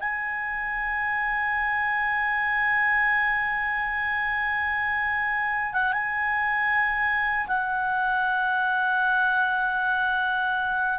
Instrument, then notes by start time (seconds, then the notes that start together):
clarinet
0.00 G#5
5.73 F#5
5.93 G#5
7.47 F#5